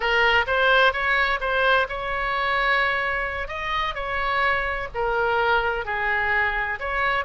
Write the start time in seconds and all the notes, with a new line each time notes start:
0.00 A#4
0.46 C5
0.92 C#5
1.40 C5
1.88 C#5
3.48 D#5
3.94 C#5
4.94 A#4
5.85 G#4
6.79 C#5